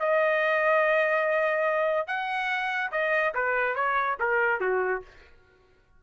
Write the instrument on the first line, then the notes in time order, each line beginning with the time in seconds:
trumpet
0.00 D#5
2.07 F#5
2.92 D#5
3.35 B4
3.75 C#5
4.20 A#4
4.61 F#4